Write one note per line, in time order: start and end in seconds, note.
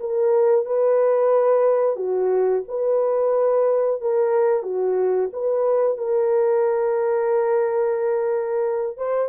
0.00 0.66 A#4
0.66 1.96 B4
1.96 2.63 F#4
2.68 4.01 B4
4.01 4.63 A#4
4.63 5.29 F#4
5.33 5.98 B4
5.98 8.97 A#4
8.97 9.29 C5